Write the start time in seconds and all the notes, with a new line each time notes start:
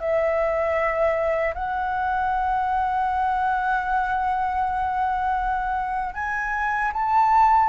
0.00 E5
1.54 F#5
6.14 G#5
6.93 A5